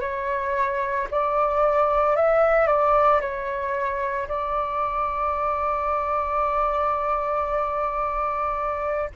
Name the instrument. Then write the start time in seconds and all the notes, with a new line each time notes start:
flute
0.00 C#5
1.11 D5
2.16 E5
2.67 D5
3.20 C#5
4.28 D5